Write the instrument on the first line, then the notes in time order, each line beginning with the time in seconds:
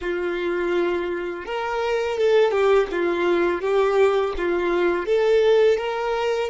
violin
0.01 F4
1.45 A#4
2.17 A4
2.51 G4
2.91 F4
3.61 G4
4.37 F4
5.06 A4
5.77 A#4